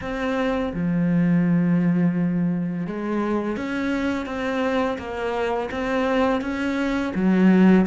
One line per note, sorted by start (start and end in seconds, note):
0.01 0.72 C4
0.73 2.86 F3
2.86 3.56 G#3
3.56 4.26 C#4
4.26 4.97 C4
4.98 5.69 A#3
5.71 6.41 C4
6.41 7.12 C#4
7.14 7.86 F#3